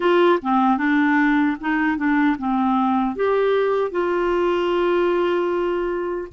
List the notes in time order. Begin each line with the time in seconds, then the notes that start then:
0.00 F4
0.42 C4
0.77 D4
1.60 D#4
1.97 D4
2.38 C4
3.15 G4
3.91 F4